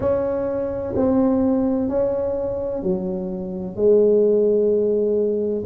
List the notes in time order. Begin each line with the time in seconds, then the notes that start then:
0.00 C#4
0.96 C4
1.88 C#4
2.82 F#3
3.76 G#3